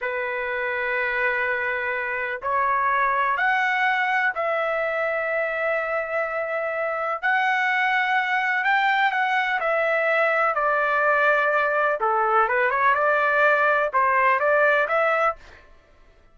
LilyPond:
\new Staff \with { instrumentName = "trumpet" } { \time 4/4 \tempo 4 = 125 b'1~ | b'4 cis''2 fis''4~ | fis''4 e''2.~ | e''2. fis''4~ |
fis''2 g''4 fis''4 | e''2 d''2~ | d''4 a'4 b'8 cis''8 d''4~ | d''4 c''4 d''4 e''4 | }